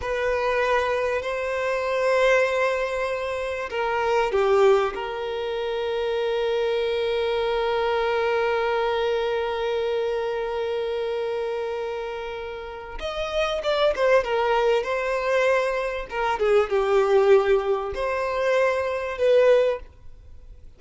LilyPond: \new Staff \with { instrumentName = "violin" } { \time 4/4 \tempo 4 = 97 b'2 c''2~ | c''2 ais'4 g'4 | ais'1~ | ais'1~ |
ais'1~ | ais'4 dis''4 d''8 c''8 ais'4 | c''2 ais'8 gis'8 g'4~ | g'4 c''2 b'4 | }